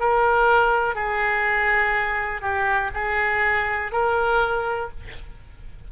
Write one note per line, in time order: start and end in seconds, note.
0.00 0.95 A#4
0.95 2.42 G#4
2.42 2.91 G4
2.94 3.93 G#4
3.93 4.91 A#4